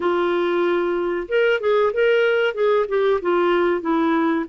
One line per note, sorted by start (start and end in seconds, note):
0.00 1.27 F4
1.28 1.60 A#4
1.60 1.92 G#4
1.93 2.54 A#4
2.54 2.86 G#4
2.88 3.20 G4
3.21 3.81 F4
3.81 4.45 E4